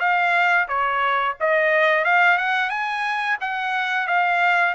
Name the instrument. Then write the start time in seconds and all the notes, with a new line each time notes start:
trumpet
0.00 F5
0.68 C#5
1.40 D#5
2.05 F5
2.38 F#5
2.70 G#5
3.41 F#5
4.08 F5